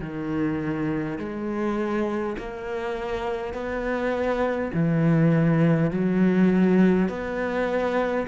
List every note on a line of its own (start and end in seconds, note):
0.00 1.18 D#3
1.18 2.36 G#3
2.37 3.53 A#3
3.53 4.71 B3
4.73 5.90 E3
5.90 7.08 F#3
7.08 8.26 B3